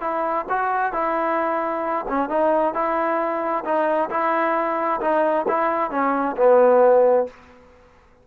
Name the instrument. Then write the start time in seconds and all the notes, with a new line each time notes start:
trombone
0.00 E4
0.49 F#4
0.92 E4
2.08 C#4
2.29 D#4
2.74 E4
3.64 D#4
4.10 E4
5.01 D#4
5.48 E4
5.91 C#4
6.36 B3